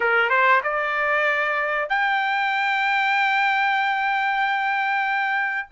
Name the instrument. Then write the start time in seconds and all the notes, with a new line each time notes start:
trumpet
0.00 A#4
0.29 C5
0.63 D5
1.89 G5